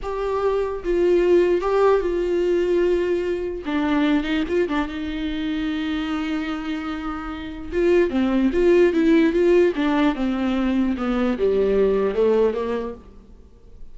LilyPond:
\new Staff \with { instrumentName = "viola" } { \time 4/4 \tempo 4 = 148 g'2 f'2 | g'4 f'2.~ | f'4 d'4. dis'8 f'8 d'8 | dis'1~ |
dis'2. f'4 | c'4 f'4 e'4 f'4 | d'4 c'2 b4 | g2 a4 ais4 | }